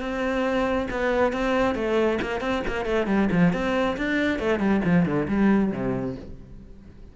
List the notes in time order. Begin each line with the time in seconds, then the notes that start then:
0.00 C4
0.90 B3
1.32 C4
1.75 A3
2.21 A#3
2.40 C4
2.67 A#3
2.85 A3
3.06 G3
3.31 F3
3.53 C4
3.97 D4
4.39 A3
4.59 G3
4.84 F3
5.05 D3
5.28 G3
5.72 C3